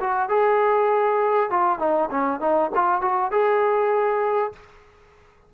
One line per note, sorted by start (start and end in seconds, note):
0.00 0.29 F#4
0.29 1.50 G#4
1.50 1.79 F4
1.79 2.09 D#4
2.10 2.40 C#4
2.40 2.70 D#4
2.75 3.01 F4
3.01 3.31 F#4
3.31 4.53 G#4